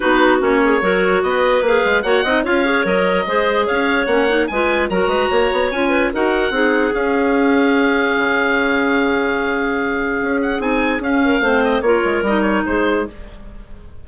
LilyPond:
<<
  \new Staff \with { instrumentName = "oboe" } { \time 4/4 \tempo 4 = 147 b'4 cis''2 dis''4 | f''4 fis''4 f''4 dis''4~ | dis''4 f''4 fis''4 gis''4 | ais''2 gis''4 fis''4~ |
fis''4 f''2.~ | f''1~ | f''4. fis''8 gis''4 f''4~ | f''8 dis''8 cis''4 dis''8 cis''8 c''4 | }
  \new Staff \with { instrumentName = "clarinet" } { \time 4/4 fis'4. gis'8 ais'4 b'4~ | b'4 cis''8 dis''8 cis''2 | c''4 cis''2 b'4 | ais'8 b'8 cis''4. b'8 ais'4 |
gis'1~ | gis'1~ | gis'2.~ gis'8 ais'8 | c''4 ais'2 gis'4 | }
  \new Staff \with { instrumentName = "clarinet" } { \time 4/4 dis'4 cis'4 fis'2 | gis'4 fis'8 dis'8 f'8 gis'8 ais'4 | gis'2 cis'8 dis'8 f'4 | fis'2 f'4 fis'4 |
dis'4 cis'2.~ | cis'1~ | cis'2 dis'4 cis'4 | c'4 f'4 dis'2 | }
  \new Staff \with { instrumentName = "bassoon" } { \time 4/4 b4 ais4 fis4 b4 | ais8 gis8 ais8 c'8 cis'4 fis4 | gis4 cis'4 ais4 gis4 | fis8 gis8 ais8 b8 cis'4 dis'4 |
c'4 cis'2. | cis1~ | cis4 cis'4 c'4 cis'4 | a4 ais8 gis8 g4 gis4 | }
>>